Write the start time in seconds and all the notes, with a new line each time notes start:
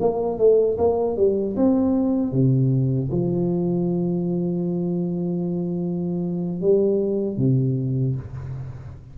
0.00 A#3
0.38 A3
0.78 A#3
1.17 G3
1.56 C4
2.32 C3
3.11 F3
6.61 G3
7.37 C3